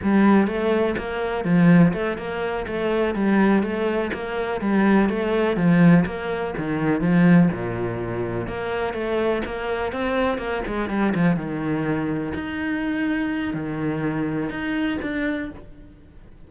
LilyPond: \new Staff \with { instrumentName = "cello" } { \time 4/4 \tempo 4 = 124 g4 a4 ais4 f4 | a8 ais4 a4 g4 a8~ | a8 ais4 g4 a4 f8~ | f8 ais4 dis4 f4 ais,8~ |
ais,4. ais4 a4 ais8~ | ais8 c'4 ais8 gis8 g8 f8 dis8~ | dis4. dis'2~ dis'8 | dis2 dis'4 d'4 | }